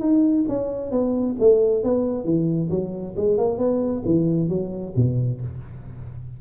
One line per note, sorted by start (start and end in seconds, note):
0.00 0.45 D#4
0.48 0.91 C#4
0.91 1.36 B3
1.40 1.84 A3
1.84 2.24 B3
2.24 2.69 E3
2.70 3.15 F#3
3.16 3.38 G#3
3.38 3.58 A#3
3.58 4.03 B3
4.05 4.49 E3
4.49 4.94 F#3
4.96 5.41 B2